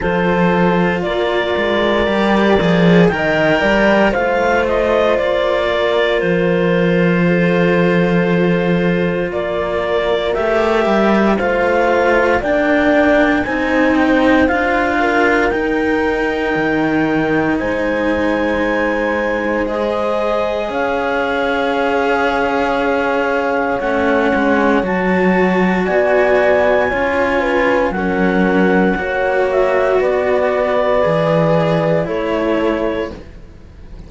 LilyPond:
<<
  \new Staff \with { instrumentName = "clarinet" } { \time 4/4 \tempo 4 = 58 c''4 d''2 g''4 | f''8 dis''8 d''4 c''2~ | c''4 d''4 e''4 f''4 | g''4 gis''8 g''8 f''4 g''4~ |
g''4 gis''2 dis''4 | f''2. fis''4 | a''4 gis''2 fis''4~ | fis''8 e''8 d''2 cis''4 | }
  \new Staff \with { instrumentName = "horn" } { \time 4/4 a'4 ais'2 dis''8 d''8 | c''4. ais'4. a'4~ | a'4 ais'2 c''4 | d''4 c''4. ais'4.~ |
ais'4 c''2. | cis''1~ | cis''4 d''4 cis''8 b'8 ais'4 | cis''4 b'2 a'4 | }
  \new Staff \with { instrumentName = "cello" } { \time 4/4 f'2 g'8 gis'8 ais'4 | f'1~ | f'2 g'4 f'4 | d'4 dis'4 f'4 dis'4~ |
dis'2. gis'4~ | gis'2. cis'4 | fis'2 f'4 cis'4 | fis'2 gis'4 e'4 | }
  \new Staff \with { instrumentName = "cello" } { \time 4/4 f4 ais8 gis8 g8 f8 dis8 g8 | a4 ais4 f2~ | f4 ais4 a8 g8 a4 | ais4 c'4 d'4 dis'4 |
dis4 gis2. | cis'2. a8 gis8 | fis4 b4 cis'4 fis4 | ais4 b4 e4 a4 | }
>>